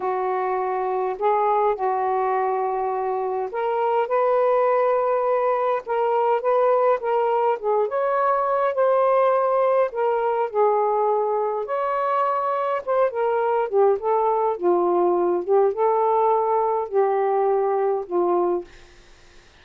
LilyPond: \new Staff \with { instrumentName = "saxophone" } { \time 4/4 \tempo 4 = 103 fis'2 gis'4 fis'4~ | fis'2 ais'4 b'4~ | b'2 ais'4 b'4 | ais'4 gis'8 cis''4. c''4~ |
c''4 ais'4 gis'2 | cis''2 c''8 ais'4 g'8 | a'4 f'4. g'8 a'4~ | a'4 g'2 f'4 | }